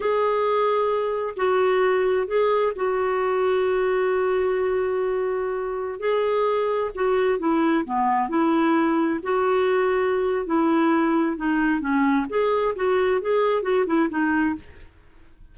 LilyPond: \new Staff \with { instrumentName = "clarinet" } { \time 4/4 \tempo 4 = 132 gis'2. fis'4~ | fis'4 gis'4 fis'2~ | fis'1~ | fis'4~ fis'16 gis'2 fis'8.~ |
fis'16 e'4 b4 e'4.~ e'16~ | e'16 fis'2~ fis'8. e'4~ | e'4 dis'4 cis'4 gis'4 | fis'4 gis'4 fis'8 e'8 dis'4 | }